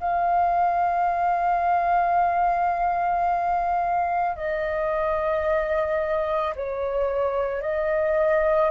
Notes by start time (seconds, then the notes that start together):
0.00 F5
4.36 D#5
6.56 C#5
7.62 D#5